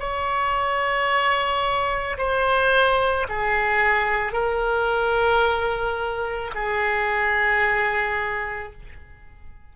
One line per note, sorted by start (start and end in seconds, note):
0.00 2.18 C#5
2.18 3.27 C5
3.29 4.33 G#4
4.33 6.52 A#4
6.55 8.73 G#4